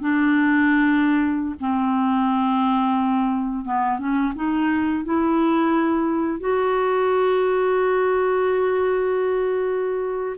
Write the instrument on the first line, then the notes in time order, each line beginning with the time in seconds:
clarinet
0.00 D4
1.60 C4
3.65 B3
3.99 C#4
4.35 D#4
5.04 E4
6.40 F#4